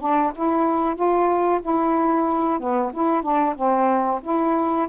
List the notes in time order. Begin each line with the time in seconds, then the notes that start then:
0.00 D4
0.36 E4
0.95 F4
1.62 E4
2.60 B3
2.93 E4
3.23 D4
3.56 C4
4.22 E4